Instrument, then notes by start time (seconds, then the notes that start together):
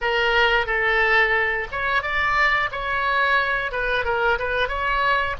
oboe
0.01 A#4
0.66 A4
1.71 C#5
2.02 D5
2.72 C#5
3.71 B4
4.04 A#4
4.38 B4
4.68 C#5